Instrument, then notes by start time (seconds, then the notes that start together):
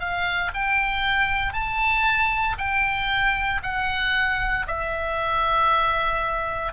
oboe
0.00 F5
0.55 G5
1.53 A5
2.58 G5
3.63 F#5
4.67 E5